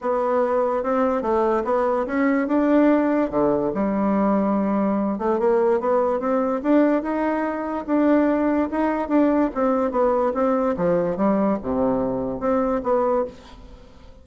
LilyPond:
\new Staff \with { instrumentName = "bassoon" } { \time 4/4 \tempo 4 = 145 b2 c'4 a4 | b4 cis'4 d'2 | d4 g2.~ | g8 a8 ais4 b4 c'4 |
d'4 dis'2 d'4~ | d'4 dis'4 d'4 c'4 | b4 c'4 f4 g4 | c2 c'4 b4 | }